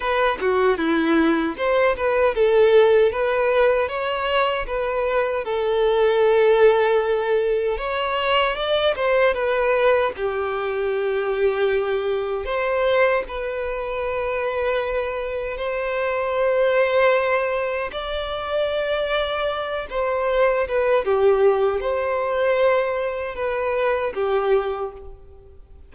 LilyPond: \new Staff \with { instrumentName = "violin" } { \time 4/4 \tempo 4 = 77 b'8 fis'8 e'4 c''8 b'8 a'4 | b'4 cis''4 b'4 a'4~ | a'2 cis''4 d''8 c''8 | b'4 g'2. |
c''4 b'2. | c''2. d''4~ | d''4. c''4 b'8 g'4 | c''2 b'4 g'4 | }